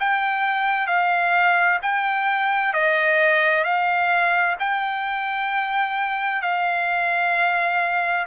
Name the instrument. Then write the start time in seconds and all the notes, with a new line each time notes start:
trumpet
0.00 G5
0.87 F5
1.83 G5
2.74 D#5
3.65 F5
4.60 G5
6.42 F5